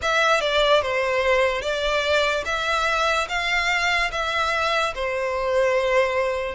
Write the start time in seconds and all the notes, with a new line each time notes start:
0.01 E5
0.40 D5
0.81 C5
1.61 D5
2.45 E5
3.28 F5
4.11 E5
4.95 C5